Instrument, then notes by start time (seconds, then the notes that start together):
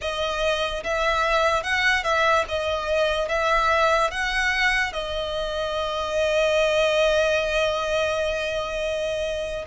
violin
0.01 D#5
0.83 E5
1.63 F#5
2.03 E5
2.48 D#5
3.28 E5
4.11 F#5
4.92 D#5